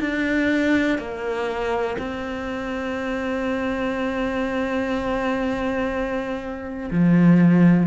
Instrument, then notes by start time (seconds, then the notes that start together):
cello
0.00 D4
0.98 A#3
1.98 C4
6.91 F3